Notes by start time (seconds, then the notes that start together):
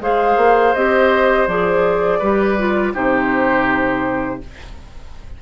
0.00 G#3 G#4 C5 F5
0.37 A#3
0.75 C4 G4 D#5
1.48 F3 G#4 D5
2.19 G3 G4 B4
2.59 F4
2.94 C3 D#4 G4 C5